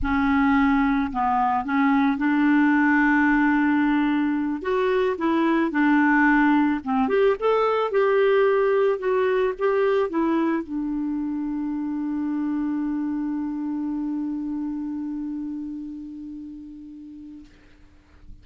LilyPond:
\new Staff \with { instrumentName = "clarinet" } { \time 4/4 \tempo 4 = 110 cis'2 b4 cis'4 | d'1~ | d'8 fis'4 e'4 d'4.~ | d'8 c'8 g'8 a'4 g'4.~ |
g'8 fis'4 g'4 e'4 d'8~ | d'1~ | d'1~ | d'1 | }